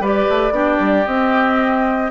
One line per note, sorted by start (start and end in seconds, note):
0.00 0.26 G3
0.00 0.52 G4
0.00 0.53 B4
0.00 1.05 D5
0.29 0.51 A3
0.51 0.77 B3
0.51 1.04 D4
0.51 2.11 G4
0.79 1.06 G3
1.05 2.11 C4
1.05 2.11 D#5